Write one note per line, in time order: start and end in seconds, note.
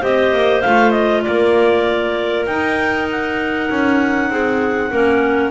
0.00 0.33 C4
0.00 0.63 G4
0.00 1.22 C5
0.00 0.62 D#5
0.33 0.64 A#3
0.62 1.26 A3
0.62 2.49 F4
0.62 0.92 F5
0.92 1.22 D#5
1.23 2.47 A#3
1.23 4.31 A#4
1.23 2.46 D5
2.46 3.69 D#4
2.46 4.93 D#4
2.46 3.08 G5
3.11 5.52 F#5
3.71 4.30 C#4
4.30 4.91 C4
4.30 4.91 G#4
4.91 5.52 A#3
4.91 5.52 C#4
4.91 5.52 A#4